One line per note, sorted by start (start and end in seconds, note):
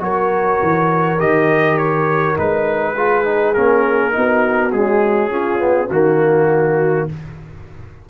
0.00 0.59 F#3
0.00 1.18 F#4
0.00 2.96 A#4
0.00 1.21 C#5
0.62 1.20 E3
1.19 2.38 D#3
1.19 2.37 G4
1.19 1.78 D#5
1.78 2.37 C#5
2.37 3.56 G#3
2.37 2.96 D#4
2.37 3.54 B4
2.96 3.25 F4
2.96 4.14 G#4
3.25 3.55 D#4
3.54 4.16 A#3
3.54 4.12 C#4
3.54 4.72 A#4
4.12 4.75 B3
4.12 4.71 D#4
4.12 5.31 F#4
4.73 5.31 G#3
4.73 5.90 C#4
4.73 5.90 G#4
5.31 5.59 C#4
5.31 5.87 F4
5.59 5.88 B3
5.87 7.07 D#3
5.87 7.10 A#3
5.87 7.05 F#4
5.87 7.09 F#4